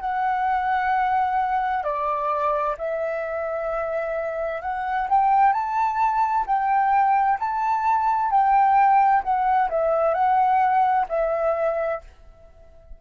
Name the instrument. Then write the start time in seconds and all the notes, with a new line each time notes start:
flute
0.00 F#5
1.83 D5
2.78 E5
4.62 F#5
5.09 G5
5.53 A5
6.46 G5
7.39 A5
8.30 G5
9.23 F#5
9.69 E5
10.14 F#5
11.09 E5